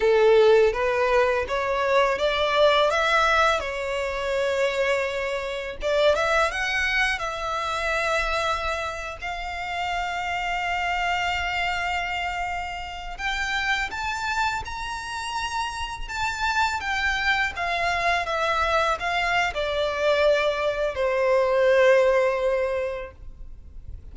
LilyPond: \new Staff \with { instrumentName = "violin" } { \time 4/4 \tempo 4 = 83 a'4 b'4 cis''4 d''4 | e''4 cis''2. | d''8 e''8 fis''4 e''2~ | e''8. f''2.~ f''16~ |
f''2~ f''16 g''4 a''8.~ | a''16 ais''2 a''4 g''8.~ | g''16 f''4 e''4 f''8. d''4~ | d''4 c''2. | }